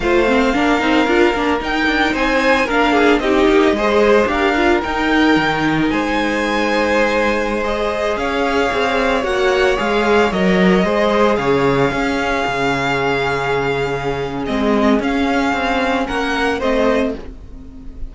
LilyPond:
<<
  \new Staff \with { instrumentName = "violin" } { \time 4/4 \tempo 4 = 112 f''2. g''4 | gis''4 f''4 dis''2 | f''4 g''2 gis''4~ | gis''2~ gis''16 dis''4 f''8.~ |
f''4~ f''16 fis''4 f''4 dis''8.~ | dis''4~ dis''16 f''2~ f''8.~ | f''2. dis''4 | f''2 fis''4 dis''4 | }
  \new Staff \with { instrumentName = "violin" } { \time 4/4 c''4 ais'2. | c''4 ais'8 gis'8 g'4 c''4 | ais'2. c''4~ | c''2.~ c''16 cis''8.~ |
cis''1~ | cis''16 c''4 cis''4 gis'4.~ gis'16~ | gis'1~ | gis'2 ais'4 c''4 | }
  \new Staff \with { instrumentName = "viola" } { \time 4/4 f'8 c'8 d'8 dis'8 f'8 d'8 dis'4~ | dis'4 d'4 dis'4 gis'4 | g'8 f'8 dis'2.~ | dis'2~ dis'16 gis'4.~ gis'16~ |
gis'4~ gis'16 fis'4 gis'4 ais'8.~ | ais'16 gis'2 cis'4.~ cis'16~ | cis'2. c'4 | cis'2. c'4 | }
  \new Staff \with { instrumentName = "cello" } { \time 4/4 a4 ais8 c'8 d'8 ais8 dis'8 d'8 | c'4 ais4 c'8 ais8 gis4 | d'4 dis'4 dis4 gis4~ | gis2.~ gis16 cis'8.~ |
cis'16 c'4 ais4 gis4 fis8.~ | fis16 gis4 cis4 cis'4 cis8.~ | cis2. gis4 | cis'4 c'4 ais4 a4 | }
>>